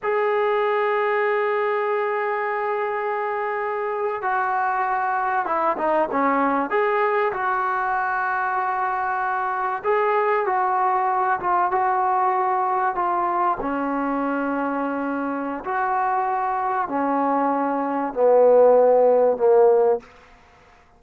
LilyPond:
\new Staff \with { instrumentName = "trombone" } { \time 4/4 \tempo 4 = 96 gis'1~ | gis'2~ gis'8. fis'4~ fis'16~ | fis'8. e'8 dis'8 cis'4 gis'4 fis'16~ | fis'2.~ fis'8. gis'16~ |
gis'8. fis'4. f'8 fis'4~ fis'16~ | fis'8. f'4 cis'2~ cis'16~ | cis'4 fis'2 cis'4~ | cis'4 b2 ais4 | }